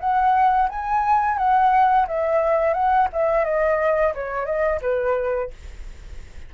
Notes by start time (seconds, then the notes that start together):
0.00 F#5
0.70 G#5
1.38 F#5
2.08 E5
2.74 F#5
3.13 E5
3.45 D#5
4.15 C#5
4.46 D#5
4.82 B4